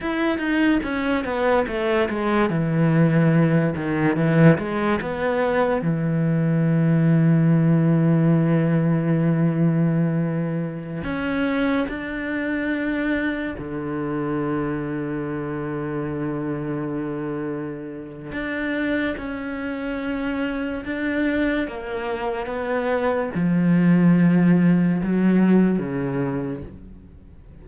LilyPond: \new Staff \with { instrumentName = "cello" } { \time 4/4 \tempo 4 = 72 e'8 dis'8 cis'8 b8 a8 gis8 e4~ | e8 dis8 e8 gis8 b4 e4~ | e1~ | e4~ e16 cis'4 d'4.~ d'16~ |
d'16 d2.~ d8.~ | d2 d'4 cis'4~ | cis'4 d'4 ais4 b4 | f2 fis4 cis4 | }